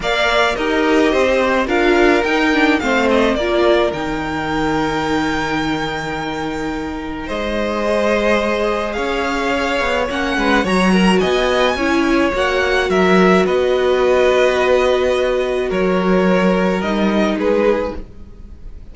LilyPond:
<<
  \new Staff \with { instrumentName = "violin" } { \time 4/4 \tempo 4 = 107 f''4 dis''2 f''4 | g''4 f''8 dis''8 d''4 g''4~ | g''1~ | g''4 dis''2. |
f''2 fis''4 ais''4 | gis''2 fis''4 e''4 | dis''1 | cis''2 dis''4 b'4 | }
  \new Staff \with { instrumentName = "violin" } { \time 4/4 d''4 ais'4 c''4 ais'4~ | ais'4 c''4 ais'2~ | ais'1~ | ais'4 c''2. |
cis''2~ cis''8 b'8 cis''8 ais'8 | dis''4 cis''2 ais'4 | b'1 | ais'2. gis'4 | }
  \new Staff \with { instrumentName = "viola" } { \time 4/4 ais'4 g'2 f'4 | dis'8 d'8 c'4 f'4 dis'4~ | dis'1~ | dis'2 gis'2~ |
gis'2 cis'4 fis'4~ | fis'4 e'4 fis'2~ | fis'1~ | fis'2 dis'2 | }
  \new Staff \with { instrumentName = "cello" } { \time 4/4 ais4 dis'4 c'4 d'4 | dis'4 a4 ais4 dis4~ | dis1~ | dis4 gis2. |
cis'4. b8 ais8 gis8 fis4 | b4 cis'4 ais4 fis4 | b1 | fis2 g4 gis4 | }
>>